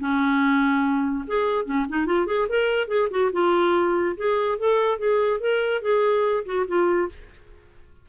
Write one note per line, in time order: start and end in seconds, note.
0.00 1.25 C#4
1.27 1.66 G#4
1.66 1.86 C#4
1.89 2.06 D#4
2.06 2.27 F4
2.27 2.48 G#4
2.49 2.88 A#4
2.88 3.09 G#4
3.11 3.32 F#4
3.33 4.16 F4
4.17 4.59 G#4
4.59 4.99 A4
4.99 5.40 G#4
5.40 5.82 A#4
5.82 6.45 G#4
6.46 6.66 F#4
6.68 7.09 F4